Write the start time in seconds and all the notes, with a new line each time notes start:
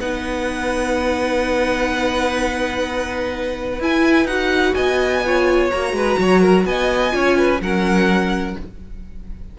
0.00 B3 D#4 B4 F#5
3.79 E4 G#5
4.25 D#4 F#4 F#5
4.74 B3 D#5 G#5
5.25 F4 C#5
5.70 A#3 F#4 A#5
5.92 G#3 B4
6.18 F#3 C#5
6.41 A#4
6.65 B3 D#5 G#5
7.10 C#4 F4 C#5
7.37 B4
7.61 F#3 C#4 A#4 F#5